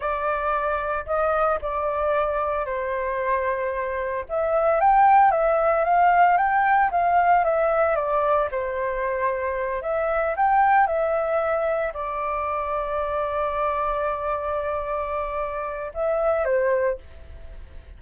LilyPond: \new Staff \with { instrumentName = "flute" } { \time 4/4 \tempo 4 = 113 d''2 dis''4 d''4~ | d''4 c''2. | e''4 g''4 e''4 f''4 | g''4 f''4 e''4 d''4 |
c''2~ c''8 e''4 g''8~ | g''8 e''2 d''4.~ | d''1~ | d''2 e''4 c''4 | }